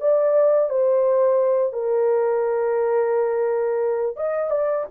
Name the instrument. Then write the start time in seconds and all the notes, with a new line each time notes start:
horn
0.00 D5
0.69 C5
1.73 A#4
4.16 D#5
4.50 D5